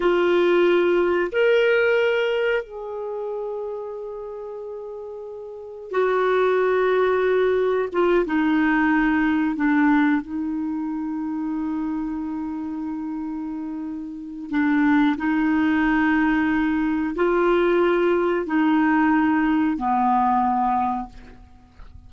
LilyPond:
\new Staff \with { instrumentName = "clarinet" } { \time 4/4 \tempo 4 = 91 f'2 ais'2 | gis'1~ | gis'4 fis'2. | f'8 dis'2 d'4 dis'8~ |
dis'1~ | dis'2 d'4 dis'4~ | dis'2 f'2 | dis'2 b2 | }